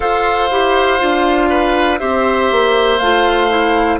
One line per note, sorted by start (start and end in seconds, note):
0.00 0.48 F4
0.00 0.50 A4
0.00 1.49 C5
0.00 1.99 F5
0.50 1.00 E4
0.50 0.99 G4
0.99 2.01 D4
0.99 1.99 F4
1.49 1.99 B4
1.99 2.51 C4
1.99 2.99 G4
1.99 3.99 C5
1.99 2.98 E5
2.51 3.00 A#3
2.98 3.99 A3
2.98 3.49 F4
2.98 3.98 F5
3.49 3.99 E4